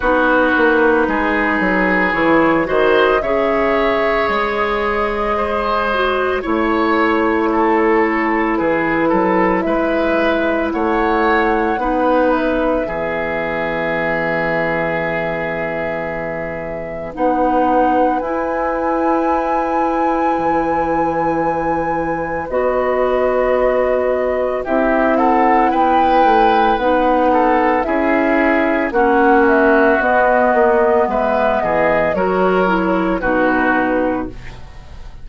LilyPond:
<<
  \new Staff \with { instrumentName = "flute" } { \time 4/4 \tempo 4 = 56 b'2 cis''8 dis''8 e''4 | dis''2 cis''2 | b'4 e''4 fis''4. e''8~ | e''1 |
fis''4 gis''2.~ | gis''4 dis''2 e''8 fis''8 | g''4 fis''4 e''4 fis''8 e''8 | dis''4 e''8 dis''8 cis''4 b'4 | }
  \new Staff \with { instrumentName = "oboe" } { \time 4/4 fis'4 gis'4. c''8 cis''4~ | cis''4 c''4 cis''4 a'4 | gis'8 a'8 b'4 cis''4 b'4 | gis'1 |
b'1~ | b'2. g'8 a'8 | b'4. a'8 gis'4 fis'4~ | fis'4 b'8 gis'8 ais'4 fis'4 | }
  \new Staff \with { instrumentName = "clarinet" } { \time 4/4 dis'2 e'8 fis'8 gis'4~ | gis'4. fis'8 e'2~ | e'2. dis'4 | b1 |
dis'4 e'2.~ | e'4 fis'2 e'4~ | e'4 dis'4 e'4 cis'4 | b2 fis'8 e'8 dis'4 | }
  \new Staff \with { instrumentName = "bassoon" } { \time 4/4 b8 ais8 gis8 fis8 e8 dis8 cis4 | gis2 a2 | e8 fis8 gis4 a4 b4 | e1 |
b4 e'2 e4~ | e4 b2 c'4 | b8 a8 b4 cis'4 ais4 | b8 ais8 gis8 e8 fis4 b,4 | }
>>